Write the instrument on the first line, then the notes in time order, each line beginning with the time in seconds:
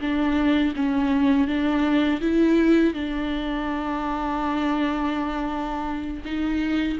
viola
0.00 D4
0.75 C#4
1.47 D4
2.21 E4
2.93 D4
6.24 D#4